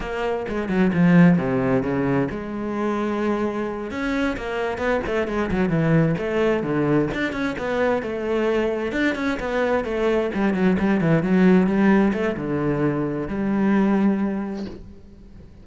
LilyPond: \new Staff \with { instrumentName = "cello" } { \time 4/4 \tempo 4 = 131 ais4 gis8 fis8 f4 c4 | cis4 gis2.~ | gis8 cis'4 ais4 b8 a8 gis8 | fis8 e4 a4 d4 d'8 |
cis'8 b4 a2 d'8 | cis'8 b4 a4 g8 fis8 g8 | e8 fis4 g4 a8 d4~ | d4 g2. | }